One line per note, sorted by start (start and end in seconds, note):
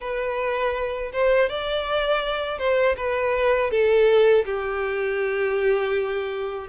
0.00 1.11 B4
1.12 1.49 C5
1.49 2.58 D5
2.58 2.95 C5
2.96 3.70 B4
3.70 4.44 A4
4.45 6.67 G4